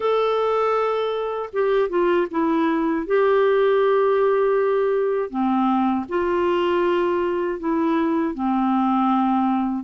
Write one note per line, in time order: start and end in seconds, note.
0.00 1.49 A4
1.52 1.89 G4
1.89 2.27 F4
2.30 3.06 E4
3.06 5.30 G4
5.30 6.06 C4
6.08 7.59 F4
7.59 8.34 E4
8.34 9.84 C4